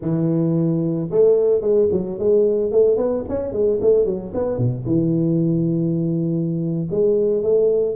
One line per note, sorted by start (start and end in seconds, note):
0.01 1.09 E3
1.10 1.61 A3
1.61 1.88 G#3
1.91 2.18 F#3
2.18 2.71 G#3
2.71 2.97 A3
2.97 3.24 B3
3.28 3.52 C#4
3.52 3.79 G#3
3.81 4.05 A3
4.05 4.32 F#3
4.34 4.57 B3
4.57 4.84 B2
4.86 6.88 E3
6.90 7.42 G#3
7.42 7.95 A3